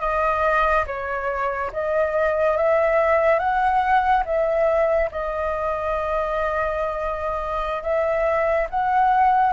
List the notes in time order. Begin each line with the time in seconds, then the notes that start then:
0.00 D#5
0.86 C#5
1.72 D#5
2.57 E5
3.39 F#5
4.25 E5
5.11 D#5
7.82 E5
8.70 F#5